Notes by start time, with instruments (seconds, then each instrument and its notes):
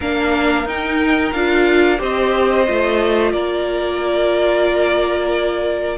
0.00 cello A#3, viola D4, violin A#4 F5
0.65 cello D#4, viola D#4, violin G5
1.32 cello D4, viola F4, violin F5
1.97 cello C4, viola G4, violin C5 D#5
2.67 cello A3, viola F4
3.32 cello A#3, violin A#4 D5